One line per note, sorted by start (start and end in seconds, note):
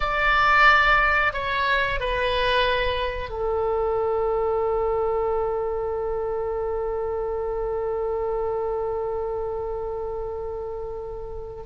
0.00 1.33 D5
1.33 2.00 C#5
2.00 3.29 B4
3.29 11.62 A4